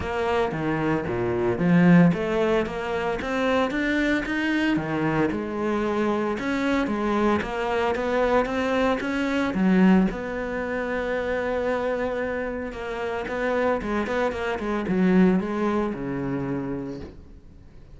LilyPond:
\new Staff \with { instrumentName = "cello" } { \time 4/4 \tempo 4 = 113 ais4 dis4 ais,4 f4 | a4 ais4 c'4 d'4 | dis'4 dis4 gis2 | cis'4 gis4 ais4 b4 |
c'4 cis'4 fis4 b4~ | b1 | ais4 b4 gis8 b8 ais8 gis8 | fis4 gis4 cis2 | }